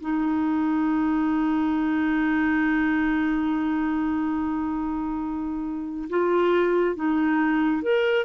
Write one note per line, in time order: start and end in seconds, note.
0.00 6.09 D#4
6.09 6.95 F4
6.95 7.82 D#4
7.82 8.25 A#4